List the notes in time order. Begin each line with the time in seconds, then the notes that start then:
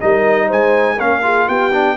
0.00 G3 D#4 A#4 D#5
0.47 G#3 C5 G#5
0.96 A#3 C#4 A#4 F5
1.22 F4 G#4
1.47 B3 G4 G5
1.73 D4